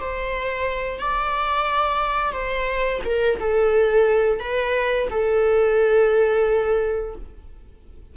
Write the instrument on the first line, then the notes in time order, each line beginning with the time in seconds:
viola
0.00 C5
1.00 D5
2.33 C5
3.05 A#4
3.40 A4
4.40 B4
5.11 A4